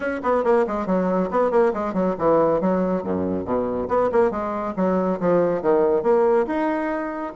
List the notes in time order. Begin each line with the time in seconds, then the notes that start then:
0.00 C#4
0.22 B3
0.44 A#3
0.67 G#3
0.86 F#3
1.30 B3
1.50 A#3
1.73 G#3
1.93 F#3
2.18 E3
2.60 F#3
3.03 F#2
3.44 B2
3.88 B3
4.11 A#3
4.30 G#3
4.76 F#3
5.19 F3
5.62 D#3
6.03 A#3
6.46 D#4